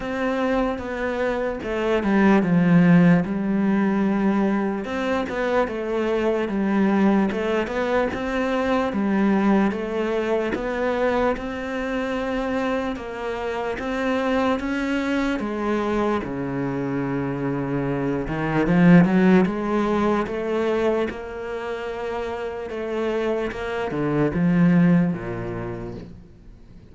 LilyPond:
\new Staff \with { instrumentName = "cello" } { \time 4/4 \tempo 4 = 74 c'4 b4 a8 g8 f4 | g2 c'8 b8 a4 | g4 a8 b8 c'4 g4 | a4 b4 c'2 |
ais4 c'4 cis'4 gis4 | cis2~ cis8 dis8 f8 fis8 | gis4 a4 ais2 | a4 ais8 d8 f4 ais,4 | }